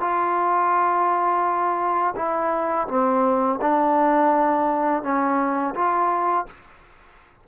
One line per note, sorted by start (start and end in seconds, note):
0.00 2.14 F4
2.16 2.87 E4
2.88 3.59 C4
3.61 5.03 D4
5.03 5.74 C#4
5.74 6.46 F4